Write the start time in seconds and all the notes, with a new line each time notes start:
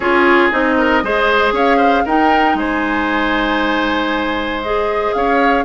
0.00 C#4 F4 G#4 C#5
0.51 C4 D#4 D#5
0.77 A#4
1.03 G#3 G#4 C5
1.52 C#4 C#5 F5
1.77 C5
2.05 D#4 A#4 G5
2.54 G#3 C5 G#5
4.62 G#4 D#5
5.13 C#4 C#5 F5